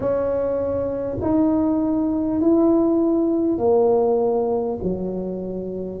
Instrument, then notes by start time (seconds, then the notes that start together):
tuba
0.00 C#4
1.21 D#4
2.41 E4
3.58 A#3
4.82 F#3